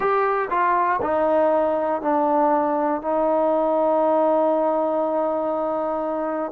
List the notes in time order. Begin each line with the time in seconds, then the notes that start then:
0.00 G4
0.50 F4
1.02 D#4
2.01 D4
3.01 D#4